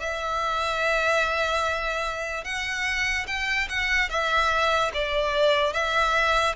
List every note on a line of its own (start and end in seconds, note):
0.00 2.45 E5
2.45 3.27 F#5
3.28 3.69 G5
3.69 4.10 F#5
4.10 4.92 E5
4.94 5.73 D5
5.73 6.56 E5